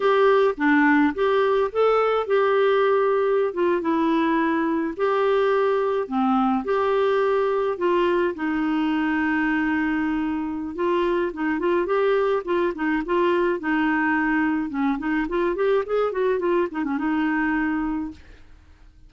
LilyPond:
\new Staff \with { instrumentName = "clarinet" } { \time 4/4 \tempo 4 = 106 g'4 d'4 g'4 a'4 | g'2~ g'16 f'8 e'4~ e'16~ | e'8. g'2 c'4 g'16~ | g'4.~ g'16 f'4 dis'4~ dis'16~ |
dis'2. f'4 | dis'8 f'8 g'4 f'8 dis'8 f'4 | dis'2 cis'8 dis'8 f'8 g'8 | gis'8 fis'8 f'8 dis'16 cis'16 dis'2 | }